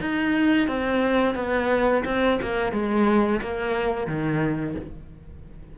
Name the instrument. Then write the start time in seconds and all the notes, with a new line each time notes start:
cello
0.00 D#4
0.68 C4
1.35 B3
2.05 C4
2.42 A#3
2.72 G#3
3.41 A#3
4.07 D#3